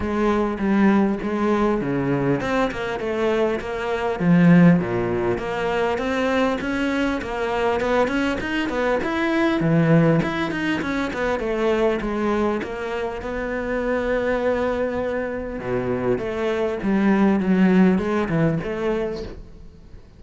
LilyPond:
\new Staff \with { instrumentName = "cello" } { \time 4/4 \tempo 4 = 100 gis4 g4 gis4 cis4 | c'8 ais8 a4 ais4 f4 | ais,4 ais4 c'4 cis'4 | ais4 b8 cis'8 dis'8 b8 e'4 |
e4 e'8 dis'8 cis'8 b8 a4 | gis4 ais4 b2~ | b2 b,4 a4 | g4 fis4 gis8 e8 a4 | }